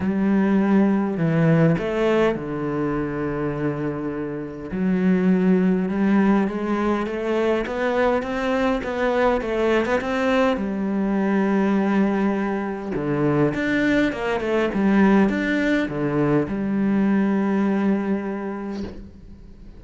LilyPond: \new Staff \with { instrumentName = "cello" } { \time 4/4 \tempo 4 = 102 g2 e4 a4 | d1 | fis2 g4 gis4 | a4 b4 c'4 b4 |
a8. b16 c'4 g2~ | g2 d4 d'4 | ais8 a8 g4 d'4 d4 | g1 | }